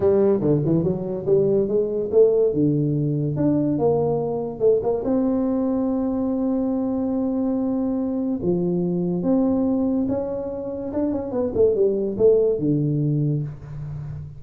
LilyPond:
\new Staff \with { instrumentName = "tuba" } { \time 4/4 \tempo 4 = 143 g4 d8 e8 fis4 g4 | gis4 a4 d2 | d'4 ais2 a8 ais8 | c'1~ |
c'1 | f2 c'2 | cis'2 d'8 cis'8 b8 a8 | g4 a4 d2 | }